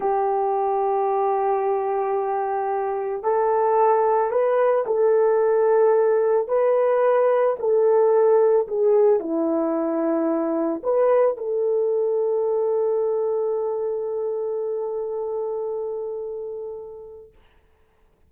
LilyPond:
\new Staff \with { instrumentName = "horn" } { \time 4/4 \tempo 4 = 111 g'1~ | g'2 a'2 | b'4 a'2. | b'2 a'2 |
gis'4 e'2. | b'4 a'2.~ | a'1~ | a'1 | }